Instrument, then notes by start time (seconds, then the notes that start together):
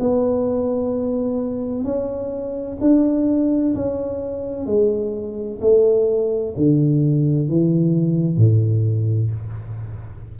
tuba
0.00 B3
1.84 C#4
2.81 D4
3.75 C#4
4.66 G#3
5.61 A3
6.57 D3
7.48 E3
8.37 A2